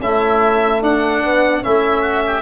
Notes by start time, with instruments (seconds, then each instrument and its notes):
0.00 trombone A3, tuba C#4, oboe E4, violin E5
0.82 tuba D4, oboe D4, violin F#5
1.23 trombone B3
1.61 tuba A3, trombone C#4, oboe E4, violin E5
2.02 oboe F#4
2.27 oboe G4